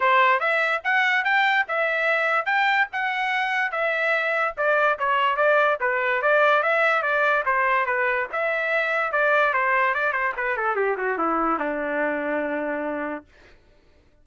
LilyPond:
\new Staff \with { instrumentName = "trumpet" } { \time 4/4 \tempo 4 = 145 c''4 e''4 fis''4 g''4 | e''2 g''4 fis''4~ | fis''4 e''2 d''4 | cis''4 d''4 b'4 d''4 |
e''4 d''4 c''4 b'4 | e''2 d''4 c''4 | d''8 c''8 b'8 a'8 g'8 fis'8 e'4 | d'1 | }